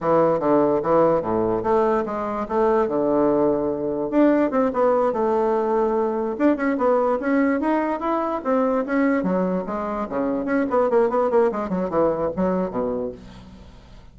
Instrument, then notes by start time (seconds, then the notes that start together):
bassoon
0.01 E3
0.39 D3
0.82 E3
1.21 A2
1.63 A3
2.05 G#3
2.48 A3
2.87 D3
4.10 D4
4.50 C4
4.73 B3
5.12 A3
6.38 D4
6.56 C#4
6.77 B3
7.20 C#4
7.60 D#4
8.00 E4
8.44 C4
8.85 C#4
9.23 F#3
9.66 G#3
10.09 C#3
10.45 C#4
10.70 B3
10.89 A#3
11.09 B3
11.30 A#3
11.51 G#3
11.69 F#3
11.89 E3
12.36 F#3
12.70 B2